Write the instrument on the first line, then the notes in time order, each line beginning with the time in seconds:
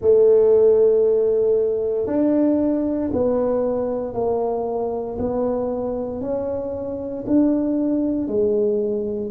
tuba
0.01 A3
2.06 D4
3.13 B3
4.14 A#3
5.19 B3
6.21 C#4
7.26 D4
8.28 G#3